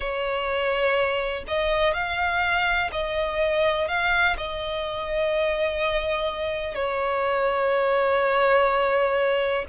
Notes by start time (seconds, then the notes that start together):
0.00 C#5
1.47 D#5
1.93 F5
2.92 D#5
3.88 F5
4.37 D#5
6.74 C#5